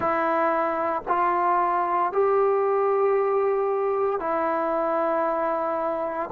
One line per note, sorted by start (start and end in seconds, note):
0.00 1.02 E4
1.08 2.12 F4
2.12 4.19 G4
4.19 6.30 E4